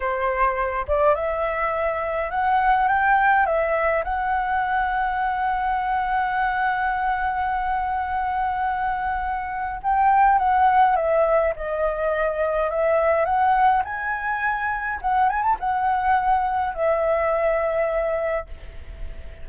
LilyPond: \new Staff \with { instrumentName = "flute" } { \time 4/4 \tempo 4 = 104 c''4. d''8 e''2 | fis''4 g''4 e''4 fis''4~ | fis''1~ | fis''1~ |
fis''4 g''4 fis''4 e''4 | dis''2 e''4 fis''4 | gis''2 fis''8 gis''16 a''16 fis''4~ | fis''4 e''2. | }